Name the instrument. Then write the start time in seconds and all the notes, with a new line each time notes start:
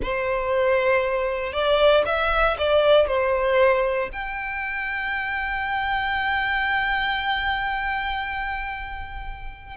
violin
0.02 C5
1.52 D5
2.05 E5
2.58 D5
3.07 C5
4.12 G5